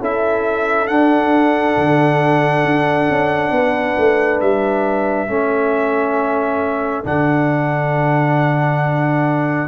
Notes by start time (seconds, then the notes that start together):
0.00 C#4 E4 A4 E5
0.87 D4 F#5
1.77 D3
2.65 D4
3.10 C#4
3.51 B3 B4
3.98 A3
4.40 G3 E5
5.27 A3 C#4 A4
7.04 D3 D4 F#5